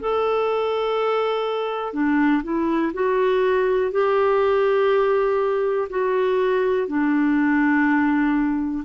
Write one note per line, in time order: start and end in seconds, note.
0.00 1.93 A4
1.93 2.42 D4
2.43 2.92 E4
2.94 3.92 F#4
3.92 5.88 G4
5.90 6.88 F#4
6.88 8.84 D4